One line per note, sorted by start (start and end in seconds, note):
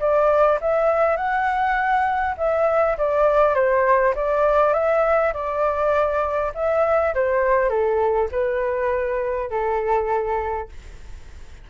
0.00 0.59 D5
0.62 1.17 E5
1.17 2.36 F#5
2.38 2.97 E5
2.98 3.55 D5
3.55 4.14 C5
4.16 4.74 D5
4.74 5.33 E5
5.34 6.52 D5
6.55 7.14 E5
7.15 7.70 C5
7.70 8.29 A4
8.32 9.50 B4
9.50 10.69 A4